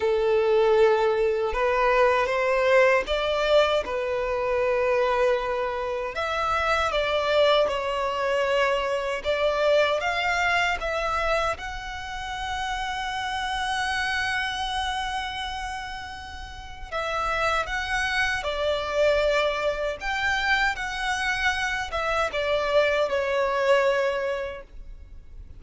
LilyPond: \new Staff \with { instrumentName = "violin" } { \time 4/4 \tempo 4 = 78 a'2 b'4 c''4 | d''4 b'2. | e''4 d''4 cis''2 | d''4 f''4 e''4 fis''4~ |
fis''1~ | fis''2 e''4 fis''4 | d''2 g''4 fis''4~ | fis''8 e''8 d''4 cis''2 | }